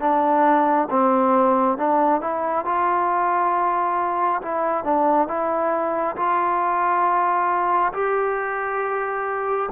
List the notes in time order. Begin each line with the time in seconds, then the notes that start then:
0.00 D4
0.91 C4
1.78 D4
2.21 E4
2.66 F4
4.42 E4
4.84 D4
5.28 E4
6.16 F4
7.93 G4